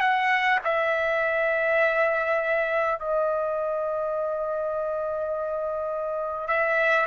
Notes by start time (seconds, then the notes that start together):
0.00 F#5
0.64 E5
2.98 D#5
6.47 E5